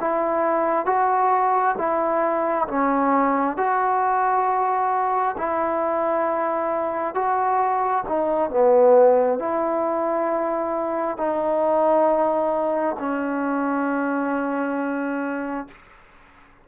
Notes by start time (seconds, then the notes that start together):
0.00 E4
0.86 F#4
1.78 E4
2.68 C#4
3.57 F#4
5.38 E4
7.15 F#4
8.08 D#4
8.50 B3
9.39 E4
11.17 D#4
12.99 C#4